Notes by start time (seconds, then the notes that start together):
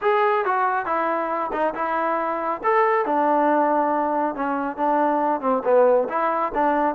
0.01 G#4
0.45 F#4
0.85 E4
1.52 D#4
1.74 E4
2.63 A4
3.05 D4
4.35 C#4
4.76 D4
5.41 C4
5.64 B3
6.08 E4
6.54 D4